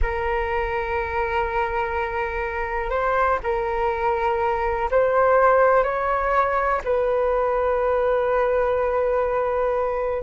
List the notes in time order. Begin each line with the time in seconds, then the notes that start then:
0.02 A#4
2.90 C5
3.43 A#4
4.90 C5
5.83 C#5
6.84 B4